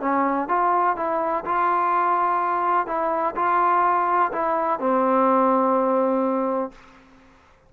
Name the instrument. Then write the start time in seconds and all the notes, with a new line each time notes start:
trombone
0.00 C#4
0.48 F4
0.96 E4
1.45 F4
2.87 E4
3.35 F4
4.32 E4
4.79 C4